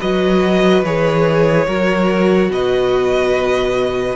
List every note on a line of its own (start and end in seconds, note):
0.00 0.83 F#3
0.00 0.84 F#4
0.00 1.67 B4
0.00 0.84 D#5
0.83 1.67 E3
0.83 1.66 G#4
0.83 2.51 C#5
1.66 2.50 F#3
1.66 4.15 F#4
1.66 2.50 A#4
2.50 4.15 B2
2.50 4.15 B4
2.50 4.15 D#5